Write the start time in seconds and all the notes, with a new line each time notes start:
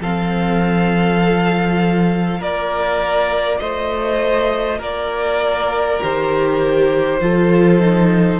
0.00 F3 C4 A4 F5
1.21 F4
2.39 A#3 A#4 D5
3.58 A3 C5 D#5
4.78 A#3 A#4 D5
6.01 D#3 G4 C5
7.20 F3 F4 A4
7.80 D#4